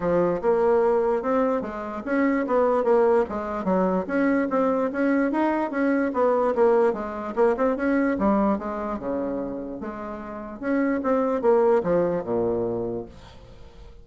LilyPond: \new Staff \with { instrumentName = "bassoon" } { \time 4/4 \tempo 4 = 147 f4 ais2 c'4 | gis4 cis'4 b4 ais4 | gis4 fis4 cis'4 c'4 | cis'4 dis'4 cis'4 b4 |
ais4 gis4 ais8 c'8 cis'4 | g4 gis4 cis2 | gis2 cis'4 c'4 | ais4 f4 ais,2 | }